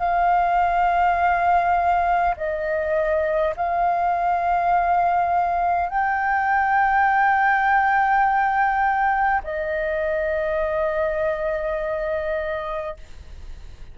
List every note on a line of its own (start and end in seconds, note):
0.00 2.35 F5
2.37 3.55 D#5
3.57 5.89 F5
5.89 9.42 G5
9.44 12.97 D#5